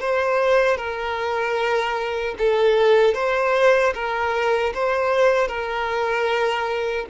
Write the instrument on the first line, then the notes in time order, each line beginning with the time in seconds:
violin
0.00 C5
0.76 A#4
2.38 A4
3.14 C5
3.94 A#4
4.74 C5
5.48 A#4